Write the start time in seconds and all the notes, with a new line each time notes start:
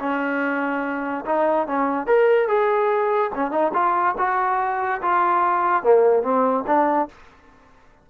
0.00 C#4
1.26 D#4
1.68 C#4
2.07 A#4
2.48 G#4
3.35 C#4
3.52 D#4
3.74 F4
4.19 F#4
5.02 F4
5.84 A#3
6.23 C4
6.67 D4